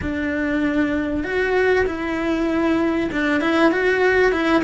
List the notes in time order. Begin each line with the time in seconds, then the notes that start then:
0.01 D4
1.23 F#4
1.86 E4
3.12 D4
3.40 E4
3.71 F#4
4.32 E4